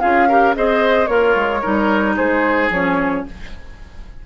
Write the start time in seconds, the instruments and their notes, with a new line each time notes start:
0.00 bassoon C#4, clarinet F4, oboe G#4, flute F5
0.28 clarinet G4, oboe A#4
0.54 bassoon C4, clarinet G#4, oboe C5, flute D#5
1.06 bassoon A#3, oboe F4, clarinet A#4, flute C#5
1.35 bassoon G#3
1.61 bassoon G3, clarinet D#4, oboe A#4
2.16 bassoon G#3, oboe G#4, flute C5
2.70 bassoon F3, clarinet C#4, flute C#5